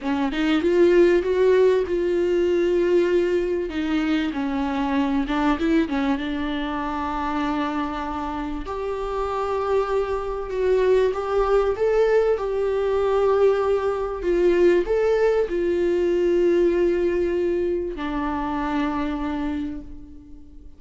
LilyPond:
\new Staff \with { instrumentName = "viola" } { \time 4/4 \tempo 4 = 97 cis'8 dis'8 f'4 fis'4 f'4~ | f'2 dis'4 cis'4~ | cis'8 d'8 e'8 cis'8 d'2~ | d'2 g'2~ |
g'4 fis'4 g'4 a'4 | g'2. f'4 | a'4 f'2.~ | f'4 d'2. | }